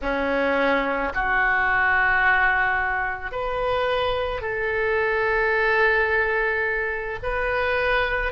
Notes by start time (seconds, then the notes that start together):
0.02 C#4
1.14 F#4
3.31 B4
4.41 A4
7.22 B4